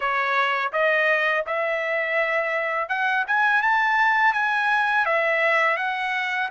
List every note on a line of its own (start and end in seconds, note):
0.00 0.72 C#5
0.72 1.45 D#5
1.46 2.88 E5
2.88 3.25 F#5
3.27 3.61 G#5
3.61 4.33 A5
4.33 5.05 G#5
5.05 5.76 E5
5.76 6.49 F#5